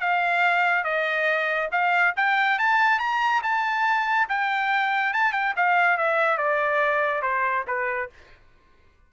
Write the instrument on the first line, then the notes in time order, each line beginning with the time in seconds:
trumpet
0.00 F5
0.84 D#5
1.71 F5
2.16 G5
2.58 A5
2.99 A#5
3.42 A5
4.29 G5
5.13 A5
5.32 G5
5.56 F5
5.97 E5
6.37 D5
7.22 C5
7.67 B4